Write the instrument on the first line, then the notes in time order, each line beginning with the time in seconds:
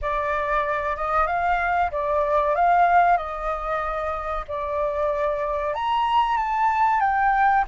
flute
0.01 D5
0.96 D#5
1.26 F5
1.91 D5
2.55 F5
3.17 D#5
4.47 D5
5.74 A#5
6.37 A5
7.00 G5